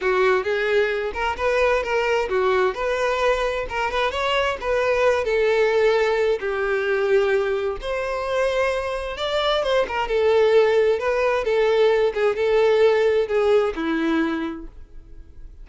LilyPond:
\new Staff \with { instrumentName = "violin" } { \time 4/4 \tempo 4 = 131 fis'4 gis'4. ais'8 b'4 | ais'4 fis'4 b'2 | ais'8 b'8 cis''4 b'4. a'8~ | a'2 g'2~ |
g'4 c''2. | d''4 c''8 ais'8 a'2 | b'4 a'4. gis'8 a'4~ | a'4 gis'4 e'2 | }